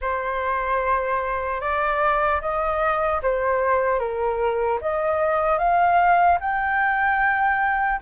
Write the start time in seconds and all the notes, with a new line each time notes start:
0.01 C5
1.60 D5
2.41 D#5
3.22 C5
3.99 A#4
4.81 D#5
5.58 F5
6.40 G5